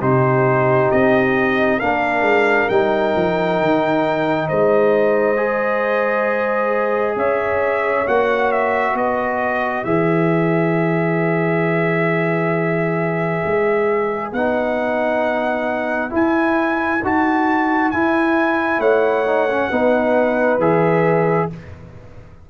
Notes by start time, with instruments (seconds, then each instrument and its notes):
0.00 tuba C3, trombone D#4, horn G4, trumpet C5
0.91 tuba C4, trumpet D#5
1.79 tuba A#3, trombone D4, horn A#4, trumpet F5
2.22 tuba G#3
2.69 tuba G3, trombone D#4, trumpet G5
3.16 tuba F3
3.60 tuba D#3
4.48 tuba G#3, horn C5, trumpet D#5
5.37 trombone G#4
7.16 tuba C#4, horn C#5, trumpet E5
8.06 tuba A#3, trombone F#4, trumpet F#5
8.52 trumpet E5
8.94 tuba B3, horn B4, trumpet D#5
9.84 tuba E3, trombone G#4, trumpet E5
13.46 tuba G#3
14.32 tuba B3, trombone D#4, trumpet F#5
16.10 trombone E4, tuba E4, trumpet G#5
17.03 tuba D#4, trombone F#4, trumpet A5
17.91 tuba E4, trombone E4, trumpet G#5
18.79 tuba A3, horn C#5, trumpet F#5
19.26 trombone D#4
19.49 trombone C#4
19.70 tuba B3, trombone D#4, horn B4
20.59 tuba E3, trombone G#4, trumpet E5